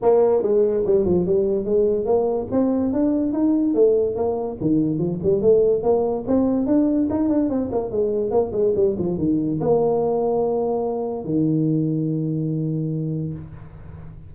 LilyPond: \new Staff \with { instrumentName = "tuba" } { \time 4/4 \tempo 4 = 144 ais4 gis4 g8 f8 g4 | gis4 ais4 c'4 d'4 | dis'4 a4 ais4 dis4 | f8 g8 a4 ais4 c'4 |
d'4 dis'8 d'8 c'8 ais8 gis4 | ais8 gis8 g8 f8 dis4 ais4~ | ais2. dis4~ | dis1 | }